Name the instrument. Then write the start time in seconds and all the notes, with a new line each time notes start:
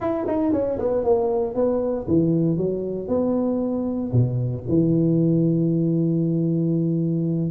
tuba
0.00 E4
0.26 D#4
0.52 C#4
0.79 B3
1.04 A#3
1.54 B3
2.07 E3
2.57 F#3
3.08 B3
4.12 B2
4.68 E3